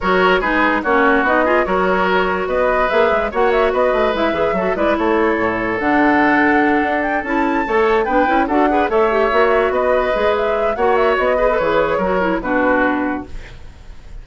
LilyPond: <<
  \new Staff \with { instrumentName = "flute" } { \time 4/4 \tempo 4 = 145 cis''4 b'4 cis''4 dis''4 | cis''2 dis''4 e''4 | fis''8 e''8 dis''4 e''4. d''8 | cis''2 fis''2~ |
fis''4 g''8 a''2 g''8~ | g''8 fis''4 e''2 dis''8~ | dis''4 e''4 fis''8 e''8 dis''4 | cis''2 b'2 | }
  \new Staff \with { instrumentName = "oboe" } { \time 4/4 ais'4 gis'4 fis'4. gis'8 | ais'2 b'2 | cis''4 b'2 a'8 b'8 | a'1~ |
a'2~ a'8 cis''4 b'8~ | b'8 a'8 b'8 cis''2 b'8~ | b'2 cis''4. b'8~ | b'4 ais'4 fis'2 | }
  \new Staff \with { instrumentName = "clarinet" } { \time 4/4 fis'4 dis'4 cis'4 dis'8 f'8 | fis'2. gis'4 | fis'2 e'8 gis'8 fis'8 e'8~ | e'2 d'2~ |
d'4. e'4 a'4 d'8 | e'8 fis'8 gis'8 a'8 g'8 fis'4.~ | fis'8 gis'4. fis'4. gis'16 a'16 | gis'4 fis'8 e'8 d'2 | }
  \new Staff \with { instrumentName = "bassoon" } { \time 4/4 fis4 gis4 ais4 b4 | fis2 b4 ais8 gis8 | ais4 b8 a8 gis8 e8 fis8 gis8 | a4 a,4 d2~ |
d8 d'4 cis'4 a4 b8 | cis'8 d'4 a4 ais4 b8~ | b8 gis4. ais4 b4 | e4 fis4 b,2 | }
>>